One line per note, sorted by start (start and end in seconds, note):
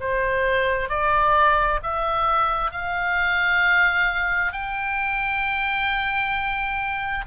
0.00 0.89 C5
0.89 1.80 D5
1.83 2.71 E5
2.71 4.52 F5
4.52 7.25 G5